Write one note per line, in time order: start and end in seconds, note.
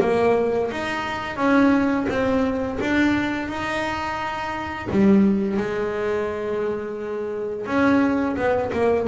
0.00 0.70 A#3
0.71 1.36 D#4
1.36 2.06 C#4
2.09 2.78 C4
2.80 3.48 D4
3.48 4.88 D#4
4.90 5.57 G3
5.57 7.66 G#3
7.66 8.36 C#4
8.36 8.71 B3
8.72 9.07 A#3